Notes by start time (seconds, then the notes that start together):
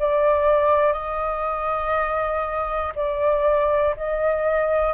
0.00 D5
0.94 D#5
2.96 D5
3.97 D#5